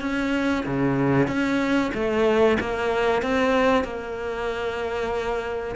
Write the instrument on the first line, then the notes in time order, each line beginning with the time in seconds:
cello
0.00 C#4
0.65 C#3
1.27 C#4
1.94 A3
2.60 A#3
3.22 C4
3.84 A#3